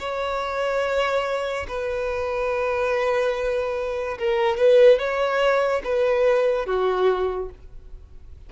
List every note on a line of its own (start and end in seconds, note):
0.00 1.67 C#5
1.68 4.18 B4
4.19 4.57 A#4
4.57 4.99 B4
4.99 5.82 C#5
5.84 6.66 B4
6.66 7.50 F#4